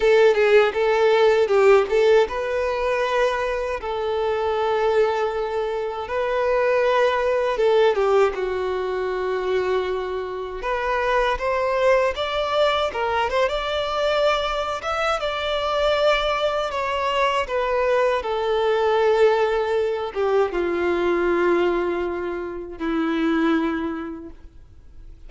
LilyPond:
\new Staff \with { instrumentName = "violin" } { \time 4/4 \tempo 4 = 79 a'8 gis'8 a'4 g'8 a'8 b'4~ | b'4 a'2. | b'2 a'8 g'8 fis'4~ | fis'2 b'4 c''4 |
d''4 ais'8 c''16 d''4.~ d''16 e''8 | d''2 cis''4 b'4 | a'2~ a'8 g'8 f'4~ | f'2 e'2 | }